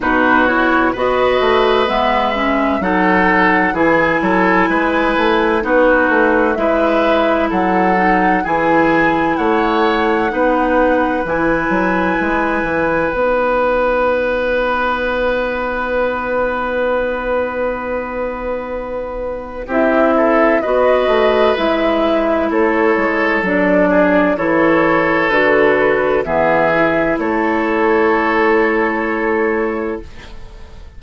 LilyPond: <<
  \new Staff \with { instrumentName = "flute" } { \time 4/4 \tempo 4 = 64 b'8 cis''8 dis''4 e''4 fis''4 | gis''2 b'4 e''4 | fis''4 gis''4 fis''2 | gis''2 fis''2~ |
fis''1~ | fis''4 e''4 dis''4 e''4 | cis''4 d''4 cis''4 b'4 | e''4 cis''2. | }
  \new Staff \with { instrumentName = "oboe" } { \time 4/4 fis'4 b'2 a'4 | gis'8 a'8 b'4 fis'4 b'4 | a'4 gis'4 cis''4 b'4~ | b'1~ |
b'1~ | b'4 g'8 a'8 b'2 | a'4. gis'8 a'2 | gis'4 a'2. | }
  \new Staff \with { instrumentName = "clarinet" } { \time 4/4 dis'8 e'8 fis'4 b8 cis'8 dis'4 | e'2 dis'4 e'4~ | e'8 dis'8 e'2 dis'4 | e'2 dis'2~ |
dis'1~ | dis'4 e'4 fis'4 e'4~ | e'4 d'4 e'4 fis'4 | b8 e'2.~ e'8 | }
  \new Staff \with { instrumentName = "bassoon" } { \time 4/4 b,4 b8 a8 gis4 fis4 | e8 fis8 gis8 a8 b8 a8 gis4 | fis4 e4 a4 b4 | e8 fis8 gis8 e8 b2~ |
b1~ | b4 c'4 b8 a8 gis4 | a8 gis8 fis4 e4 d4 | e4 a2. | }
>>